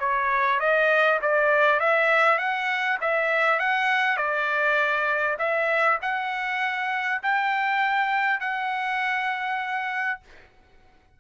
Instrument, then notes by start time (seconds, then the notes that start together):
trumpet
0.00 C#5
0.60 D#5
1.22 D5
1.80 E5
2.38 F#5
3.01 E5
3.59 F#5
4.17 D5
5.39 E5
6.02 F#5
7.23 G5
8.40 F#5